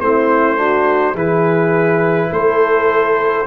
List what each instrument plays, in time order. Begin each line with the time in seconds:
0.00 tuba A3, trombone C4, horn E4, trumpet C5
0.57 trombone D4, horn F#4
1.14 tuba E3, trombone E4, horn G#4, trumpet B4
2.31 tuba A3, horn A4, trumpet C5